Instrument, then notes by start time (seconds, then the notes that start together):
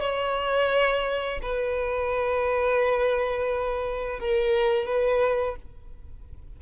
violin
0.00 C#5
1.42 B4
4.20 A#4
4.86 B4